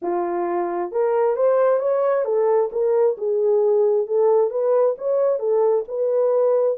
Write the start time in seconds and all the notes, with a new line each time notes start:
0.02 F4
0.91 A#4
1.36 C5
1.79 C#5
2.25 A4
2.71 A#4
3.17 G#4
4.06 A4
4.50 B4
4.98 C#5
5.39 A4
5.87 B4